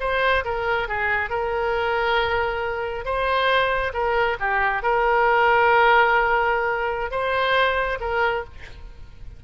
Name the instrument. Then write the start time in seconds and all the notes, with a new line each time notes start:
oboe
0.00 C5
0.44 A#4
0.88 G#4
1.30 A#4
3.04 C5
3.93 A#4
4.39 G4
4.82 A#4
7.10 C5
8.00 A#4